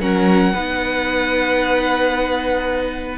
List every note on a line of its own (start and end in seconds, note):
0.00 0.53 F#3
0.00 0.53 C#4
0.00 0.54 A#4
0.00 3.18 F#5
0.54 3.18 B3
0.54 3.18 D#4
0.54 3.18 B4